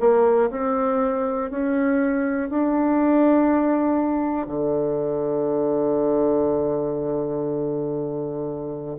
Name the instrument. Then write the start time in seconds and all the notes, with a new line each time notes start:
bassoon
0.00 A#3
0.51 C4
1.50 C#4
2.50 D4
4.47 D3